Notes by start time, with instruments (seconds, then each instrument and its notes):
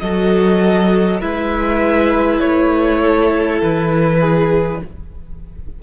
0.00 cello F#3, viola F#4, violin A4 D#5
1.21 cello G#3, viola E4, violin B4 E5
2.40 cello A3, violin C#5
3.02 violin A4
3.62 cello E3, violin B4
4.20 violin G#4